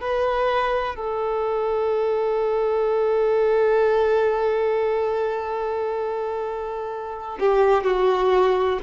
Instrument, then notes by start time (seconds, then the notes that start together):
violin
0.00 B4
0.95 A4
7.39 G4
7.84 F#4